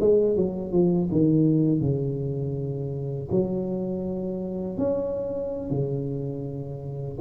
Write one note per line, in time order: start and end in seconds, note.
0.00 0.36 G#3
0.36 0.72 F#3
0.72 1.09 F3
1.11 1.80 D#3
1.80 3.29 C#3
3.31 4.78 F#3
4.78 5.70 C#4
5.70 7.18 C#3